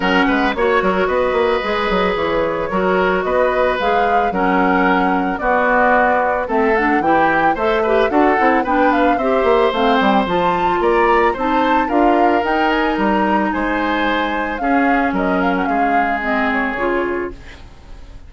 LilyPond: <<
  \new Staff \with { instrumentName = "flute" } { \time 4/4 \tempo 4 = 111 fis''4 cis''4 dis''2 | cis''2 dis''4 f''4 | fis''2 d''2 | e''8 fis''8 g''4 e''4 fis''4 |
g''8 f''8 e''4 f''8 g''8 a''4 | ais''4 a''4 f''4 g''8 gis''8 | ais''4 gis''2 f''4 | dis''8 f''16 fis''16 f''4 dis''8 cis''4. | }
  \new Staff \with { instrumentName = "oboe" } { \time 4/4 ais'8 b'8 cis''8 ais'8 b'2~ | b'4 ais'4 b'2 | ais'2 fis'2 | a'4 g'4 c''8 b'8 a'4 |
b'4 c''2. | d''4 c''4 ais'2~ | ais'4 c''2 gis'4 | ais'4 gis'2. | }
  \new Staff \with { instrumentName = "clarinet" } { \time 4/4 cis'4 fis'2 gis'4~ | gis'4 fis'2 gis'4 | cis'2 b2 | c'8 d'8 e'4 a'8 g'8 fis'8 e'8 |
d'4 g'4 c'4 f'4~ | f'4 dis'4 f'4 dis'4~ | dis'2. cis'4~ | cis'2 c'4 f'4 | }
  \new Staff \with { instrumentName = "bassoon" } { \time 4/4 fis8 gis8 ais8 fis8 b8 ais8 gis8 fis8 | e4 fis4 b4 gis4 | fis2 b2 | a4 e4 a4 d'8 c'8 |
b4 c'8 ais8 a8 g8 f4 | ais4 c'4 d'4 dis'4 | g4 gis2 cis'4 | fis4 gis2 cis4 | }
>>